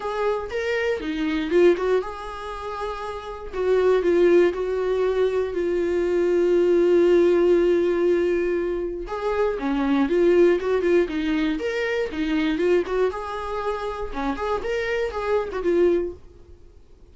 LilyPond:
\new Staff \with { instrumentName = "viola" } { \time 4/4 \tempo 4 = 119 gis'4 ais'4 dis'4 f'8 fis'8 | gis'2. fis'4 | f'4 fis'2 f'4~ | f'1~ |
f'2 gis'4 cis'4 | f'4 fis'8 f'8 dis'4 ais'4 | dis'4 f'8 fis'8 gis'2 | cis'8 gis'8 ais'4 gis'8. fis'16 f'4 | }